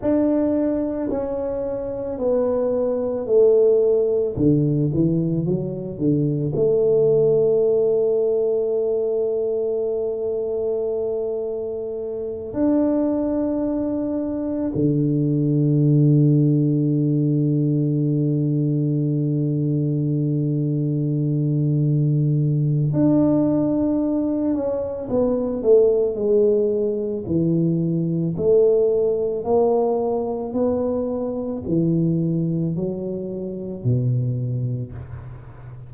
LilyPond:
\new Staff \with { instrumentName = "tuba" } { \time 4/4 \tempo 4 = 55 d'4 cis'4 b4 a4 | d8 e8 fis8 d8 a2~ | a2.~ a8 d'8~ | d'4. d2~ d8~ |
d1~ | d4 d'4. cis'8 b8 a8 | gis4 e4 a4 ais4 | b4 e4 fis4 b,4 | }